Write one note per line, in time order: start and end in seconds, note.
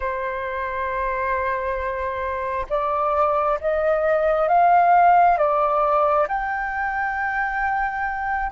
0.00 2.65 C5
2.69 3.59 D5
3.60 4.48 D#5
4.48 5.37 F5
5.37 6.27 D5
6.27 8.51 G5